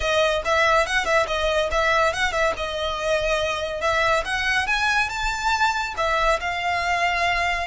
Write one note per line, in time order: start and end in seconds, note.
0.00 0.42 D#5
0.44 0.86 E5
0.86 1.05 F#5
1.05 1.26 E5
1.27 1.69 D#5
1.71 2.13 E5
2.13 2.32 F#5
2.32 2.53 E5
2.56 3.81 D#5
3.81 4.23 E5
4.25 4.66 F#5
4.66 5.09 G#5
5.09 5.94 A5
5.97 6.39 E5
6.40 7.67 F5